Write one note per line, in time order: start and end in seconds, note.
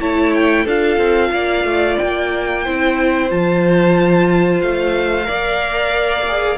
0.00 0.66 A3
0.00 0.66 E4
0.00 0.64 C#5
0.00 0.33 A5
0.34 0.66 G5
0.64 0.97 D4
0.64 2.65 F4
0.64 1.30 A4
0.64 1.98 F5
0.97 1.30 C4
1.32 1.64 A#3
1.32 2.64 D5
1.64 1.97 A3
1.98 2.67 A#3
1.98 3.30 G5
2.64 3.31 C4
2.64 3.29 E4
2.64 5.27 C5
3.29 4.62 F3
3.29 5.23 F4
3.29 4.61 A5
4.61 5.28 A3
4.61 6.57 F5
5.23 6.57 A#3
5.23 6.22 A#4
5.23 6.57 D5
6.28 6.57 G#4